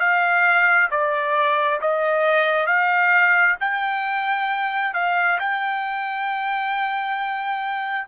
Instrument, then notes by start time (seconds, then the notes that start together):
trumpet
0.00 F5
0.91 D5
1.81 D#5
2.67 F5
3.60 G5
4.94 F5
5.39 G5